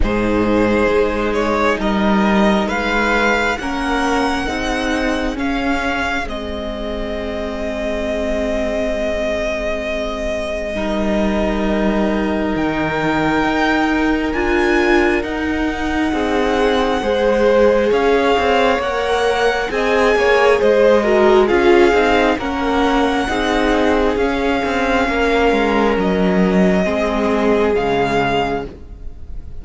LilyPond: <<
  \new Staff \with { instrumentName = "violin" } { \time 4/4 \tempo 4 = 67 c''4. cis''8 dis''4 f''4 | fis''2 f''4 dis''4~ | dis''1~ | dis''2 g''2 |
gis''4 fis''2. | f''4 fis''4 gis''4 dis''4 | f''4 fis''2 f''4~ | f''4 dis''2 f''4 | }
  \new Staff \with { instrumentName = "violin" } { \time 4/4 gis'2 ais'4 b'4 | ais'4 gis'2.~ | gis'1 | ais'1~ |
ais'2 gis'4 c''4 | cis''2 dis''8 cis''8 c''8 ais'8 | gis'4 ais'4 gis'2 | ais'2 gis'2 | }
  \new Staff \with { instrumentName = "viola" } { \time 4/4 dis'1 | cis'4 dis'4 cis'4 c'4~ | c'1 | dis'1 |
f'4 dis'2 gis'4~ | gis'4 ais'4 gis'4. fis'8 | f'8 dis'8 cis'4 dis'4 cis'4~ | cis'2 c'4 gis4 | }
  \new Staff \with { instrumentName = "cello" } { \time 4/4 gis,4 gis4 g4 gis4 | ais4 c'4 cis'4 gis4~ | gis1 | g2 dis4 dis'4 |
d'4 dis'4 c'4 gis4 | cis'8 c'8 ais4 c'8 ais8 gis4 | cis'8 c'8 ais4 c'4 cis'8 c'8 | ais8 gis8 fis4 gis4 cis4 | }
>>